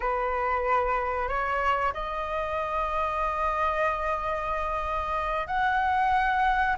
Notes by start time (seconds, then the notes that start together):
0.00 B4
1.28 C#5
1.93 D#5
5.47 F#5